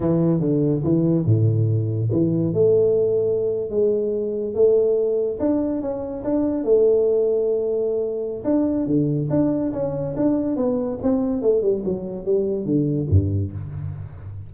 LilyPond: \new Staff \with { instrumentName = "tuba" } { \time 4/4 \tempo 4 = 142 e4 d4 e4 a,4~ | a,4 e4 a2~ | a8. gis2 a4~ a16~ | a8. d'4 cis'4 d'4 a16~ |
a1 | d'4 d4 d'4 cis'4 | d'4 b4 c'4 a8 g8 | fis4 g4 d4 g,4 | }